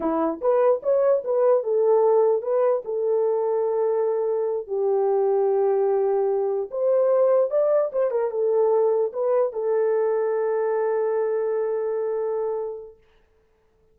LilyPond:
\new Staff \with { instrumentName = "horn" } { \time 4/4 \tempo 4 = 148 e'4 b'4 cis''4 b'4 | a'2 b'4 a'4~ | a'2.~ a'8 g'8~ | g'1~ |
g'8 c''2 d''4 c''8 | ais'8 a'2 b'4 a'8~ | a'1~ | a'1 | }